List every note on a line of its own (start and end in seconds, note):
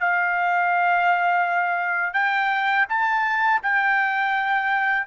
0.00 2.14 F5
2.14 2.86 G5
2.89 3.61 A5
3.63 5.07 G5